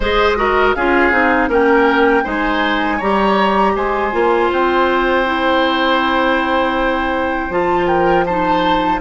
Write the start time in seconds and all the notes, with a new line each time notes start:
0.00 G#3 G#4 C5 D#5
0.36 F#4 A#4
0.74 C#4 F4 G#4 F5
1.11 C4 D#4
1.48 A#3 C#4 A#4 G5
2.24 G#3 D#4 C5 G#5
2.97 G3 G4 C#5 A#5
3.75 G#3 C5 G#5
4.12 A#3 F4
4.51 C4 G5
5.25 E4
7.49 F3 F4 A5
7.87 A#4 G5
8.25 D#4 C5 A5